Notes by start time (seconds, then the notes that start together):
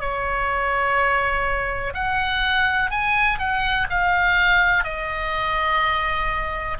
0.00 C#5
1.94 F#5
2.91 G#5
3.38 F#5
3.90 F5
4.83 D#5